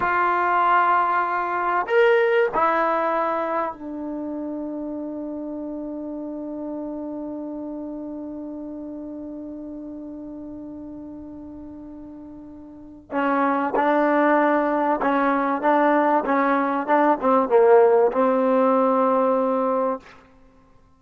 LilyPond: \new Staff \with { instrumentName = "trombone" } { \time 4/4 \tempo 4 = 96 f'2. ais'4 | e'2 d'2~ | d'1~ | d'1~ |
d'1~ | d'4 cis'4 d'2 | cis'4 d'4 cis'4 d'8 c'8 | ais4 c'2. | }